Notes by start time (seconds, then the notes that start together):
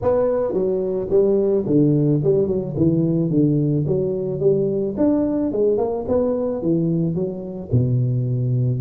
0.02 B3
0.53 F#3
1.09 G3
1.66 D3
2.23 G3
2.47 F#3
2.76 E3
3.30 D3
3.86 F#3
4.40 G3
4.97 D4
5.52 G#3
5.77 A#3
6.08 B3
6.62 E3
7.14 F#3
7.71 B2